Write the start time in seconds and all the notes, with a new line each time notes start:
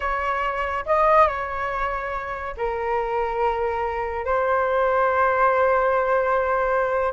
0.00 C#5
0.85 D#5
1.27 C#5
2.57 A#4
4.25 C5